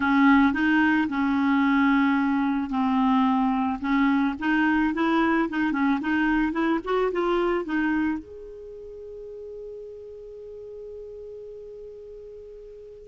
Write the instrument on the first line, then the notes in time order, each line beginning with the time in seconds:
clarinet
0.00 C#4
0.53 D#4
1.08 C#4
2.70 C4
3.80 C#4
4.39 D#4
4.94 E4
5.49 D#4
5.72 C#4
6.00 D#4
6.52 E4
6.84 F#4
7.12 F4
7.64 D#4
8.18 G#4